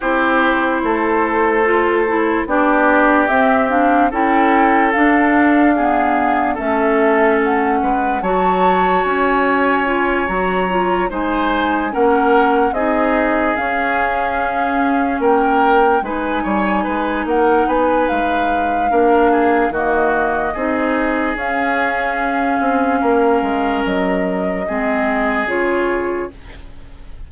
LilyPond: <<
  \new Staff \with { instrumentName = "flute" } { \time 4/4 \tempo 4 = 73 c''2. d''4 | e''8 f''8 g''4 f''2 | e''4 fis''4 a''4 gis''4~ | gis''8 ais''4 gis''4 fis''4 dis''8~ |
dis''8 f''2 g''4 gis''8~ | gis''4 fis''8 gis''8 f''2 | dis''2 f''2~ | f''4 dis''2 cis''4 | }
  \new Staff \with { instrumentName = "oboe" } { \time 4/4 g'4 a'2 g'4~ | g'4 a'2 gis'4 | a'4. b'8 cis''2~ | cis''4. c''4 ais'4 gis'8~ |
gis'2~ gis'8 ais'4 b'8 | cis''8 b'8 ais'8 b'4. ais'8 gis'8 | fis'4 gis'2. | ais'2 gis'2 | }
  \new Staff \with { instrumentName = "clarinet" } { \time 4/4 e'2 f'8 e'8 d'4 | c'8 d'8 e'4 d'4 b4 | cis'2 fis'2 | f'8 fis'8 f'8 dis'4 cis'4 dis'8~ |
dis'8 cis'2. dis'8~ | dis'2. d'4 | ais4 dis'4 cis'2~ | cis'2 c'4 f'4 | }
  \new Staff \with { instrumentName = "bassoon" } { \time 4/4 c'4 a2 b4 | c'4 cis'4 d'2 | a4. gis8 fis4 cis'4~ | cis'8 fis4 gis4 ais4 c'8~ |
c'8 cis'2 ais4 gis8 | g8 gis8 ais8 b8 gis4 ais4 | dis4 c'4 cis'4. c'8 | ais8 gis8 fis4 gis4 cis4 | }
>>